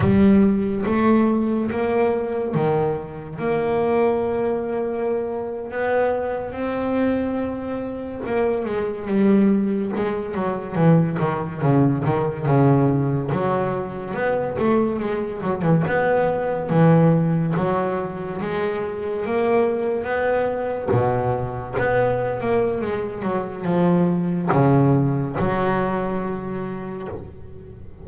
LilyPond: \new Staff \with { instrumentName = "double bass" } { \time 4/4 \tempo 4 = 71 g4 a4 ais4 dis4 | ais2~ ais8. b4 c'16~ | c'4.~ c'16 ais8 gis8 g4 gis16~ | gis16 fis8 e8 dis8 cis8 dis8 cis4 fis16~ |
fis8. b8 a8 gis8 fis16 e16 b4 e16~ | e8. fis4 gis4 ais4 b16~ | b8. b,4 b8. ais8 gis8 fis8 | f4 cis4 fis2 | }